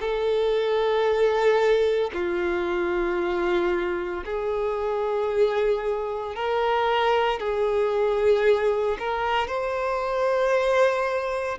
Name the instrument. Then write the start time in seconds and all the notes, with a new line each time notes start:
violin
0.00 A4
2.13 F4
4.25 G#4
6.35 A#4
7.40 G#4
8.99 A#4
9.47 C5